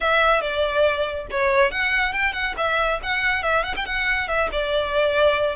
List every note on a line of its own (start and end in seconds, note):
0.00 0.41 E5
0.41 1.26 D5
1.31 1.71 C#5
1.71 2.12 F#5
2.12 2.32 G5
2.32 2.54 F#5
2.57 3.00 E5
3.02 3.42 F#5
3.42 3.63 E5
3.63 3.74 F#5
3.76 3.85 G5
3.85 4.27 F#5
4.27 4.49 E5
4.51 5.55 D5